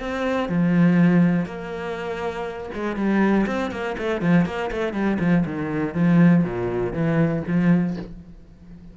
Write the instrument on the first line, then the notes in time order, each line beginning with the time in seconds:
cello
0.00 C4
0.49 F3
1.46 A#3
2.74 G#3
2.96 G3
3.47 C4
3.71 A#3
3.98 A3
4.21 F3
4.46 A#3
4.72 A3
4.93 G3
5.20 F3
5.46 D#3
5.95 F3
6.44 A#2
6.94 E3
7.47 F3